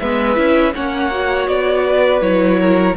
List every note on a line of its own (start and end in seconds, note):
0.00 0.37 G#3
0.00 0.35 B3
0.00 0.75 B4
0.00 0.74 E5
0.35 0.74 C#4
0.35 0.73 E4
0.75 1.48 A#3
0.75 1.12 C#4
0.75 1.86 C#5
0.75 1.48 F#5
1.12 2.21 F#4
1.48 2.21 B3
1.48 2.22 D5
1.86 2.60 B4
2.21 2.96 F#3
2.21 2.96 E4
2.21 2.96 C#5
2.60 2.97 A#4